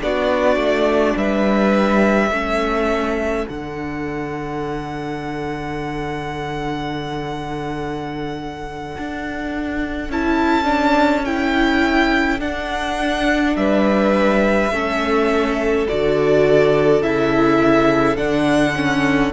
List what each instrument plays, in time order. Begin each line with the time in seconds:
0.00 cello B3, viola D4, violin F#4 D5
0.56 cello A3
1.17 cello G3, violin B4 E5
2.31 cello A3, viola C#4, violin A4
3.47 cello D3, viola D4, violin F#5
8.98 cello D4
10.10 cello C#4, viola E4, violin A5
10.64 viola D4
11.25 viola E4, violin G5
12.40 cello D4, viola D4, violin F#5
13.56 cello G3, violin B4 E5
14.71 cello A3, viola C#4, violin A4
15.88 cello D3, viola F#4, violin D5
17.02 cello C#3, viola E4, violin E5
18.17 cello D3, viola D4, violin F#5
18.76 viola C#4